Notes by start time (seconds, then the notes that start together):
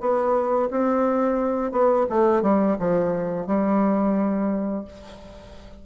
0.00 B3
0.71 C4
1.72 B3
2.09 A3
2.42 G3
2.79 F3
3.47 G3